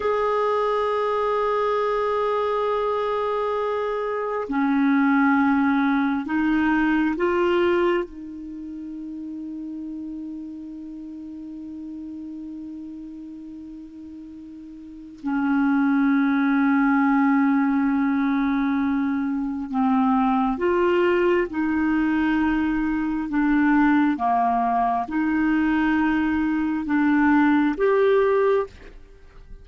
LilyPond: \new Staff \with { instrumentName = "clarinet" } { \time 4/4 \tempo 4 = 67 gis'1~ | gis'4 cis'2 dis'4 | f'4 dis'2.~ | dis'1~ |
dis'4 cis'2.~ | cis'2 c'4 f'4 | dis'2 d'4 ais4 | dis'2 d'4 g'4 | }